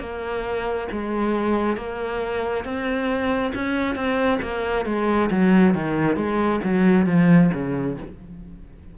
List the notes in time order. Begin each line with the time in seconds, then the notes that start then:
0.00 A#3
0.92 G#3
1.77 A#3
2.65 C4
3.55 C#4
3.96 C4
4.42 A#3
4.86 G#3
5.31 F#3
5.75 D#3
6.16 G#3
6.64 F#3
7.07 F3
7.54 C#3